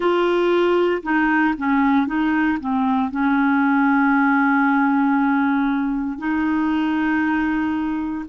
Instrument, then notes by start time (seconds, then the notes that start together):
clarinet
0.00 F4
1.03 D#4
1.57 C#4
2.06 D#4
2.60 C4
3.10 C#4
6.18 D#4